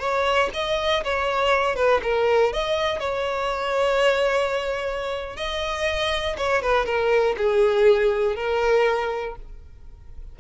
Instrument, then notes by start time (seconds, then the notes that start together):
violin
0.00 C#5
0.54 D#5
1.04 C#5
1.76 B4
2.03 A#4
2.53 D#5
3.00 C#5
5.37 D#5
6.38 C#5
6.62 B4
6.86 A#4
7.38 G#4
8.36 A#4